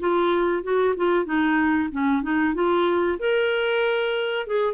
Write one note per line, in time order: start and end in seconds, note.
0.00 0.64 F4
0.64 0.95 F#4
0.97 1.26 F4
1.26 1.89 D#4
1.92 2.23 C#4
2.23 2.55 D#4
2.55 3.19 F4
3.20 4.47 A#4
4.47 4.74 G#4